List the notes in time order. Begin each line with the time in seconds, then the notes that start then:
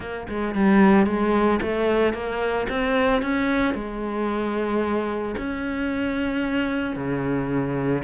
0.00 A#3
0.28 G#3
0.55 G3
1.06 G#3
1.61 A3
2.13 A#3
2.69 C4
3.21 C#4
3.74 G#3
5.37 C#4
6.96 C#3